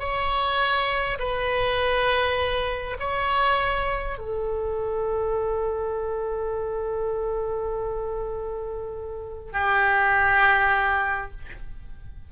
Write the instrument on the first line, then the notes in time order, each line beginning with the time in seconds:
oboe
0.00 C#5
1.19 B4
3.00 C#5
4.19 A4
9.53 G4